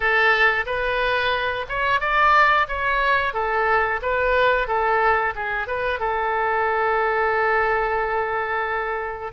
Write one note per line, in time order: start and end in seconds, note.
0.00 0.65 A4
0.65 1.65 B4
1.68 2.00 C#5
2.00 2.67 D5
2.68 3.33 C#5
3.33 4.00 A4
4.02 4.67 B4
4.67 5.34 A4
5.35 5.67 G#4
5.67 5.99 B4
5.99 9.32 A4